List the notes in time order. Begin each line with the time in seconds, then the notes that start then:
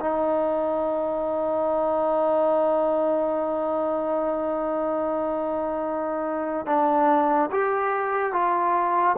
0.00 D#4
6.66 D4
7.51 G4
8.33 F4